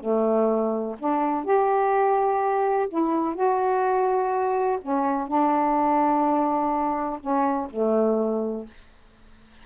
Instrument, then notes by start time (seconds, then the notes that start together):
saxophone
0.00 A3
0.98 D4
1.44 G4
2.89 E4
3.35 F#4
4.82 C#4
5.28 D4
7.20 C#4
7.70 A3